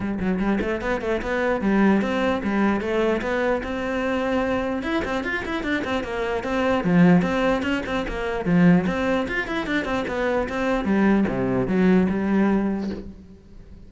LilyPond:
\new Staff \with { instrumentName = "cello" } { \time 4/4 \tempo 4 = 149 g8 fis8 g8 a8 b8 a8 b4 | g4 c'4 g4 a4 | b4 c'2. | e'8 c'8 f'8 e'8 d'8 c'8 ais4 |
c'4 f4 c'4 cis'8 c'8 | ais4 f4 c'4 f'8 e'8 | d'8 c'8 b4 c'4 g4 | c4 fis4 g2 | }